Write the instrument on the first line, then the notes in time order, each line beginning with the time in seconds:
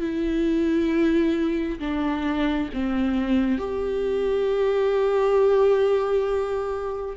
viola
0.00 E4
1.80 D4
2.74 C4
3.59 G4